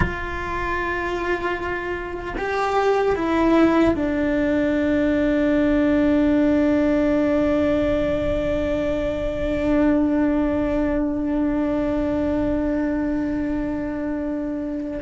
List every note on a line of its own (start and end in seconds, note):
0.00 2.34 F4
2.37 3.15 G4
3.15 3.94 E4
3.95 15.00 D4